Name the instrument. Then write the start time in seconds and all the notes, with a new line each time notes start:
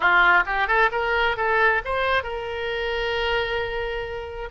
oboe
0.00 F4
0.46 G4
0.67 A4
0.91 A#4
1.36 A4
1.84 C5
2.23 A#4